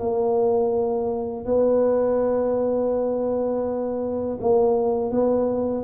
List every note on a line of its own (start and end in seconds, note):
0.00 1.46 A#3
1.46 4.39 B3
4.41 5.12 A#3
5.12 5.85 B3